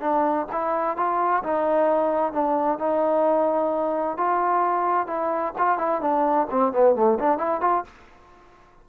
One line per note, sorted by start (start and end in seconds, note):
0.00 0.46 D4
0.52 0.96 E4
0.96 1.42 F4
1.43 2.32 D#4
2.32 2.78 D4
2.78 4.17 D#4
4.17 5.06 F4
5.06 5.53 E4
5.58 5.78 F4
5.78 6.01 E4
6.01 6.47 D4
6.50 6.72 C4
6.72 6.95 B3
6.95 7.18 A3
7.19 7.38 D4
7.38 7.60 E4
7.60 7.84 F4